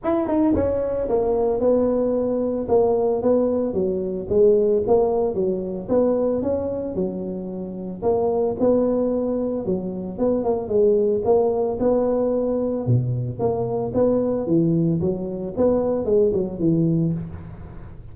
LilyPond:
\new Staff \with { instrumentName = "tuba" } { \time 4/4 \tempo 4 = 112 e'8 dis'8 cis'4 ais4 b4~ | b4 ais4 b4 fis4 | gis4 ais4 fis4 b4 | cis'4 fis2 ais4 |
b2 fis4 b8 ais8 | gis4 ais4 b2 | b,4 ais4 b4 e4 | fis4 b4 gis8 fis8 e4 | }